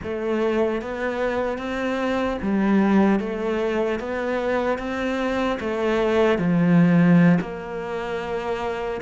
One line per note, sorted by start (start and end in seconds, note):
0.03 0.81 A3
0.81 1.58 B3
1.58 2.38 C4
2.41 3.19 G3
3.19 3.99 A3
3.99 4.78 B3
4.78 5.58 C4
5.60 6.38 A3
6.38 7.38 F3
7.40 9.00 A#3